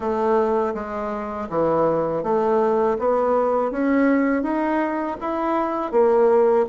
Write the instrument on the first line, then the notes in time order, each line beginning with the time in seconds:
bassoon
0.00 A3
0.74 G#3
1.49 E3
2.23 A3
2.98 B3
3.71 C#4
4.42 D#4
5.21 E4
5.91 A#3